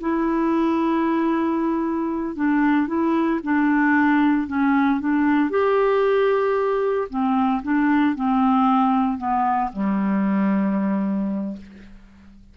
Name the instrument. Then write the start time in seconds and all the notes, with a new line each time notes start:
clarinet
0.00 E4
2.35 D4
2.87 E4
3.43 D4
4.47 C#4
5.00 D4
5.50 G4
7.09 C4
7.63 D4
8.15 C4
9.17 B3
9.72 G3